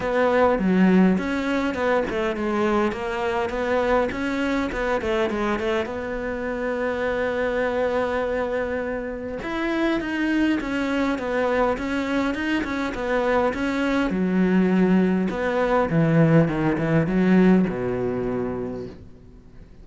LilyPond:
\new Staff \with { instrumentName = "cello" } { \time 4/4 \tempo 4 = 102 b4 fis4 cis'4 b8 a8 | gis4 ais4 b4 cis'4 | b8 a8 gis8 a8 b2~ | b1 |
e'4 dis'4 cis'4 b4 | cis'4 dis'8 cis'8 b4 cis'4 | fis2 b4 e4 | dis8 e8 fis4 b,2 | }